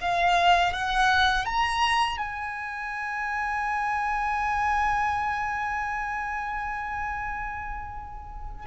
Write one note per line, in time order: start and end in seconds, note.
0.00 0.72 F5
0.72 1.45 F#5
1.45 2.18 A#5
2.18 8.66 G#5